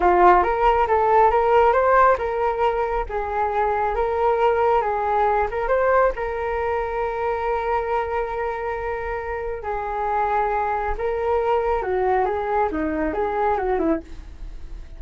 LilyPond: \new Staff \with { instrumentName = "flute" } { \time 4/4 \tempo 4 = 137 f'4 ais'4 a'4 ais'4 | c''4 ais'2 gis'4~ | gis'4 ais'2 gis'4~ | gis'8 ais'8 c''4 ais'2~ |
ais'1~ | ais'2 gis'2~ | gis'4 ais'2 fis'4 | gis'4 dis'4 gis'4 fis'8 e'8 | }